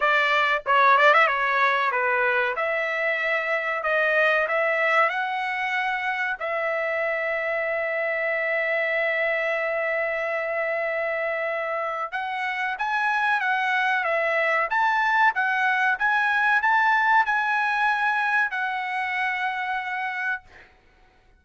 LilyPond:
\new Staff \with { instrumentName = "trumpet" } { \time 4/4 \tempo 4 = 94 d''4 cis''8 d''16 e''16 cis''4 b'4 | e''2 dis''4 e''4 | fis''2 e''2~ | e''1~ |
e''2. fis''4 | gis''4 fis''4 e''4 a''4 | fis''4 gis''4 a''4 gis''4~ | gis''4 fis''2. | }